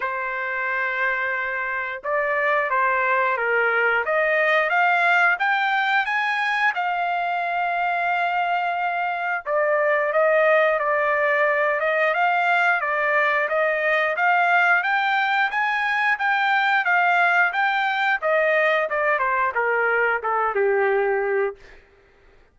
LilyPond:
\new Staff \with { instrumentName = "trumpet" } { \time 4/4 \tempo 4 = 89 c''2. d''4 | c''4 ais'4 dis''4 f''4 | g''4 gis''4 f''2~ | f''2 d''4 dis''4 |
d''4. dis''8 f''4 d''4 | dis''4 f''4 g''4 gis''4 | g''4 f''4 g''4 dis''4 | d''8 c''8 ais'4 a'8 g'4. | }